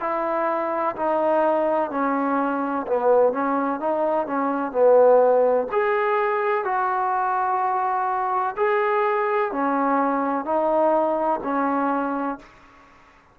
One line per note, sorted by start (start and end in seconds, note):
0.00 0.95 E4
0.96 1.90 D#4
1.90 2.86 C#4
2.87 3.32 B3
3.32 3.80 C#4
3.80 4.26 D#4
4.26 4.72 C#4
4.72 5.67 B3
5.72 6.65 G#4
6.65 8.55 F#4
8.56 9.52 G#4
9.52 10.45 C#4
10.45 11.40 D#4
11.43 12.39 C#4